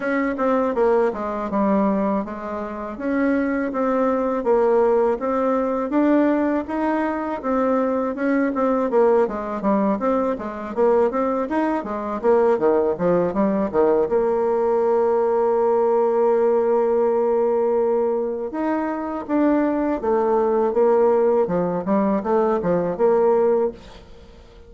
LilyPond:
\new Staff \with { instrumentName = "bassoon" } { \time 4/4 \tempo 4 = 81 cis'8 c'8 ais8 gis8 g4 gis4 | cis'4 c'4 ais4 c'4 | d'4 dis'4 c'4 cis'8 c'8 | ais8 gis8 g8 c'8 gis8 ais8 c'8 dis'8 |
gis8 ais8 dis8 f8 g8 dis8 ais4~ | ais1~ | ais4 dis'4 d'4 a4 | ais4 f8 g8 a8 f8 ais4 | }